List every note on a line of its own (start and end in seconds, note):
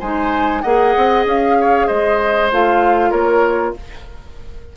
0.00 0.64 G#3
0.00 0.65 D#4
0.00 0.62 C5
0.00 0.62 G#5
0.62 0.96 A#3
0.62 2.52 G#4
0.62 1.57 D#5
0.62 1.24 F#5
0.97 1.25 C4
1.25 1.88 C#4
1.25 1.88 F5
1.61 1.87 C#5
1.87 2.52 G#3
1.87 3.11 C5
1.87 2.50 D#5
2.52 3.12 A3
2.52 3.77 F4
2.52 3.11 F5
3.11 3.75 A#3
3.11 3.73 A#4
3.11 3.74 C#5